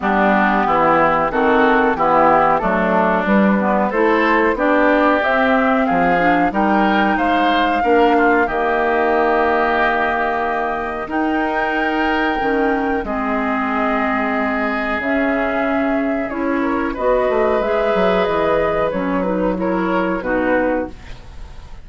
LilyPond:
<<
  \new Staff \with { instrumentName = "flute" } { \time 4/4 \tempo 4 = 92 g'2 a'4 g'4 | a'4 b'4 c''4 d''4 | e''4 f''4 g''4 f''4~ | f''4 dis''2.~ |
dis''4 g''2. | dis''2. e''4~ | e''4 cis''4 dis''4 e''4 | dis''4 cis''8 b'8 cis''4 b'4 | }
  \new Staff \with { instrumentName = "oboe" } { \time 4/4 d'4 e'4 fis'4 e'4 | d'2 a'4 g'4~ | g'4 gis'4 ais'4 c''4 | ais'8 f'8 g'2.~ |
g'4 ais'2. | gis'1~ | gis'4. ais'8 b'2~ | b'2 ais'4 fis'4 | }
  \new Staff \with { instrumentName = "clarinet" } { \time 4/4 b2 c'4 b4 | a4 g8 b8 e'4 d'4 | c'4. d'8 dis'2 | d'4 ais2.~ |
ais4 dis'2 cis'4 | c'2. cis'4~ | cis'4 e'4 fis'4 gis'4~ | gis'4 cis'8 dis'8 e'4 dis'4 | }
  \new Staff \with { instrumentName = "bassoon" } { \time 4/4 g4 e4 dis4 e4 | fis4 g4 a4 b4 | c'4 f4 g4 gis4 | ais4 dis2.~ |
dis4 dis'2 dis4 | gis2. cis4~ | cis4 cis'4 b8 a8 gis8 fis8 | e4 fis2 b,4 | }
>>